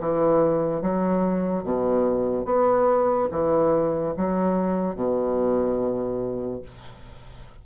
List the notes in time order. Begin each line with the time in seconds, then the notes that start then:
0.00 E3
0.81 F#3
1.64 B2
2.45 B3
3.31 E3
4.17 F#3
4.95 B2